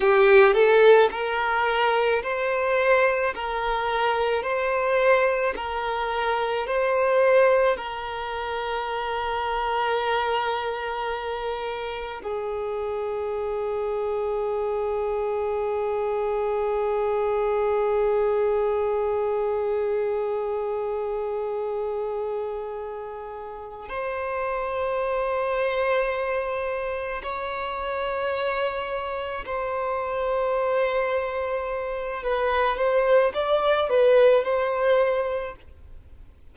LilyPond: \new Staff \with { instrumentName = "violin" } { \time 4/4 \tempo 4 = 54 g'8 a'8 ais'4 c''4 ais'4 | c''4 ais'4 c''4 ais'4~ | ais'2. gis'4~ | gis'1~ |
gis'1~ | gis'4. c''2~ c''8~ | c''8 cis''2 c''4.~ | c''4 b'8 c''8 d''8 b'8 c''4 | }